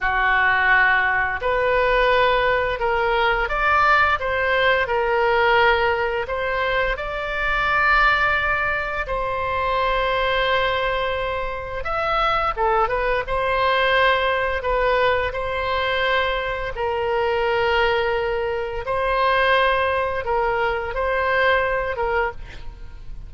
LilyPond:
\new Staff \with { instrumentName = "oboe" } { \time 4/4 \tempo 4 = 86 fis'2 b'2 | ais'4 d''4 c''4 ais'4~ | ais'4 c''4 d''2~ | d''4 c''2.~ |
c''4 e''4 a'8 b'8 c''4~ | c''4 b'4 c''2 | ais'2. c''4~ | c''4 ais'4 c''4. ais'8 | }